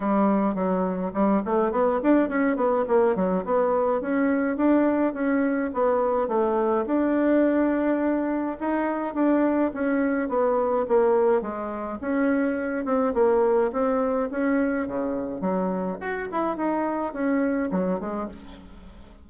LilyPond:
\new Staff \with { instrumentName = "bassoon" } { \time 4/4 \tempo 4 = 105 g4 fis4 g8 a8 b8 d'8 | cis'8 b8 ais8 fis8 b4 cis'4 | d'4 cis'4 b4 a4 | d'2. dis'4 |
d'4 cis'4 b4 ais4 | gis4 cis'4. c'8 ais4 | c'4 cis'4 cis4 fis4 | fis'8 e'8 dis'4 cis'4 fis8 gis8 | }